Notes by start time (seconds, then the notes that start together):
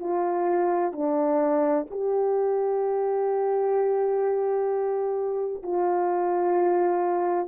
0.00 F4
0.93 D4
1.90 G4
5.63 F4